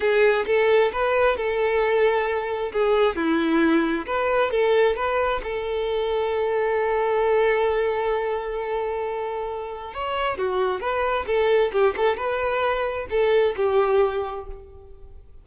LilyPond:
\new Staff \with { instrumentName = "violin" } { \time 4/4 \tempo 4 = 133 gis'4 a'4 b'4 a'4~ | a'2 gis'4 e'4~ | e'4 b'4 a'4 b'4 | a'1~ |
a'1~ | a'2 cis''4 fis'4 | b'4 a'4 g'8 a'8 b'4~ | b'4 a'4 g'2 | }